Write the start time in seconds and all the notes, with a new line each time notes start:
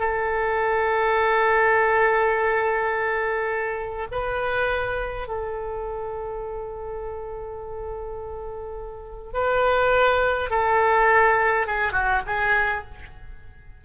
0.00 A4
4.12 B4
5.28 A4
9.34 B4
10.51 A4
11.67 G#4
11.93 F#4
12.27 G#4